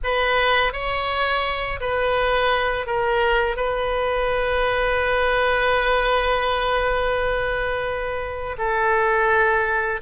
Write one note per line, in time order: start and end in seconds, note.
0.03 0.72 B4
0.72 1.80 C#5
1.80 2.86 B4
2.86 3.56 A#4
3.56 8.56 B4
8.57 10.00 A4